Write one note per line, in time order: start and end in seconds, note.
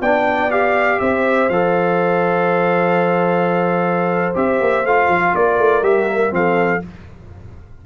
0.00 1.00 B3
0.00 0.50 D4
0.00 0.99 D5
0.00 0.51 G5
0.50 1.49 G4
0.50 0.99 F5
0.99 1.49 C4
0.99 5.35 C5
0.99 1.49 E5
1.49 4.34 F3
1.49 4.34 A4
1.49 4.34 F5
4.34 4.60 C4
4.34 4.83 G4
4.34 4.86 E5
4.60 4.84 A#3
4.84 5.08 A3
4.84 5.82 F4
4.84 5.35 F5
5.08 5.33 F3
5.35 5.58 A#3
5.35 6.36 A#4
5.35 5.83 D5
5.58 5.82 A3
5.82 6.32 G3
5.82 6.06 G4
5.82 6.33 E5
6.06 6.30 A#3
6.30 6.81 F3
6.30 6.79 C4
6.30 6.85 A4
6.30 6.84 F5